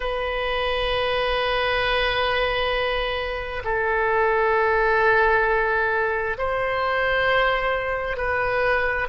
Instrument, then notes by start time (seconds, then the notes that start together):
oboe
0.00 B4
3.64 A4
6.38 C5
8.17 B4